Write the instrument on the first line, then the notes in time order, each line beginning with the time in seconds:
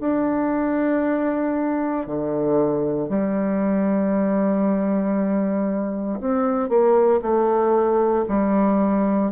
bassoon
0.00 D4
2.07 D3
3.09 G3
6.20 C4
6.69 A#3
7.22 A3
8.28 G3